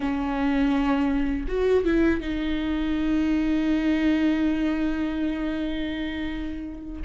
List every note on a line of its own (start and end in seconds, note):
0.00 1.46 C#4
1.48 1.85 F#4
1.85 2.20 E4
2.20 7.02 D#4